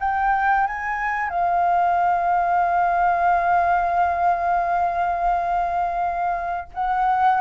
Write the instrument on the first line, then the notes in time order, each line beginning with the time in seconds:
flute
0.00 G5
0.67 G#5
1.29 F5
6.74 F#5